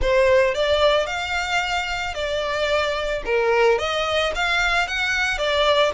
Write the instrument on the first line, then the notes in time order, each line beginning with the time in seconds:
violin
0.01 C5
0.54 D5
1.06 F5
2.14 D5
3.25 A#4
3.78 D#5
4.35 F5
4.87 F#5
5.38 D5